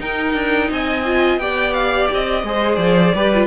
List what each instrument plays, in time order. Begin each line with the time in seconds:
0.00 viola D#4, cello D#4, violin A#4 G5
0.33 cello D4
0.71 cello C4, violin D#5 G#5
1.06 viola F4
1.38 cello B3, viola G4, violin D5 G5
1.74 violin F5
2.14 cello C4, violin D#5
2.44 cello G#3, viola G#4, violin C5
2.76 cello F3, violin D5
3.15 cello G3, viola G4, violin B4
3.35 viola F4